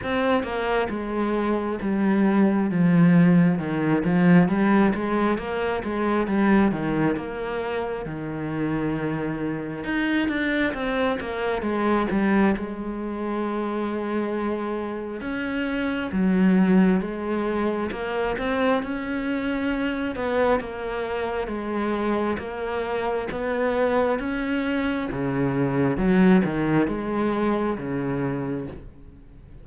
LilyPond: \new Staff \with { instrumentName = "cello" } { \time 4/4 \tempo 4 = 67 c'8 ais8 gis4 g4 f4 | dis8 f8 g8 gis8 ais8 gis8 g8 dis8 | ais4 dis2 dis'8 d'8 | c'8 ais8 gis8 g8 gis2~ |
gis4 cis'4 fis4 gis4 | ais8 c'8 cis'4. b8 ais4 | gis4 ais4 b4 cis'4 | cis4 fis8 dis8 gis4 cis4 | }